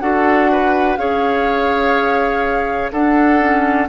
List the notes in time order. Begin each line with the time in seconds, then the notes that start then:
0.00 D4 F#4 A4 F#5
0.52 B4
0.97 C#4 G#4 C#5 F5
2.92 D4 A4 F#5
3.40 C#4